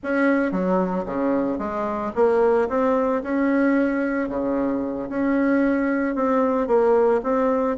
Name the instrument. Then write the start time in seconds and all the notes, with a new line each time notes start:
bassoon
0.03 C#4
0.51 F#3
1.05 C#3
1.58 G#3
2.15 A#3
2.69 C4
3.22 C#4
4.28 C#3
5.09 C#4
6.15 C4
6.67 A#3
7.23 C4